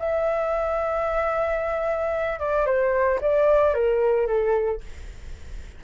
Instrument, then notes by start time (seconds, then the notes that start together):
flute
0.00 E5
2.40 D5
2.66 C5
3.21 D5
3.75 A#4
4.27 A4